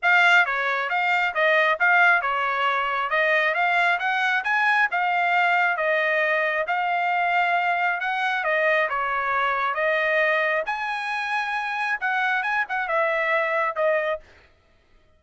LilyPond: \new Staff \with { instrumentName = "trumpet" } { \time 4/4 \tempo 4 = 135 f''4 cis''4 f''4 dis''4 | f''4 cis''2 dis''4 | f''4 fis''4 gis''4 f''4~ | f''4 dis''2 f''4~ |
f''2 fis''4 dis''4 | cis''2 dis''2 | gis''2. fis''4 | gis''8 fis''8 e''2 dis''4 | }